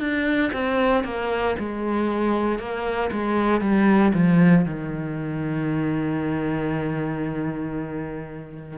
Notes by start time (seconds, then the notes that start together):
0.00 D4
0.53 C4
1.04 A#3
1.59 G#3
2.59 A#3
3.12 G#3
3.61 G3
4.14 F3
4.66 D#3